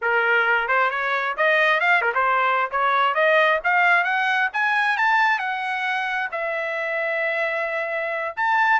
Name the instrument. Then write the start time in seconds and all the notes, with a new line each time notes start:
trumpet
0.01 A#4
0.68 C5
0.90 C#5
1.36 D#5
1.80 F5
2.01 A#4
2.14 C5
2.71 C#5
3.14 D#5
3.64 F5
4.04 F#5
4.53 G#5
4.97 A5
5.38 F#5
6.31 E5
8.36 A5